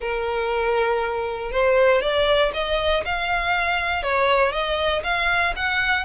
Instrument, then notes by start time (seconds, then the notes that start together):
violin
0.00 A#4
1.51 C5
2.01 D5
2.53 D#5
3.05 F5
4.02 C#5
4.51 D#5
5.03 F5
5.56 F#5